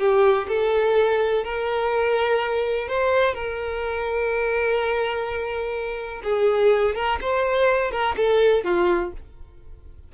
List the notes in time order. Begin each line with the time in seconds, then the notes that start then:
0.00 G4
0.49 A4
1.45 A#4
2.89 C5
3.34 A#4
6.24 G#4
6.96 A#4
7.22 C5
7.92 A#4
8.17 A4
8.65 F4